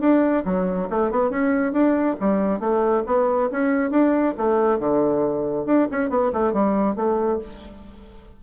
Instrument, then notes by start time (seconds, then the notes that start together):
bassoon
0.00 D4
0.44 F#3
0.90 A3
1.10 B3
1.30 C#4
1.72 D4
2.20 G3
2.60 A3
3.06 B3
3.51 C#4
3.90 D4
4.37 A3
4.79 D3
5.66 D4
5.91 C#4
6.09 B3
6.32 A3
6.53 G3
6.95 A3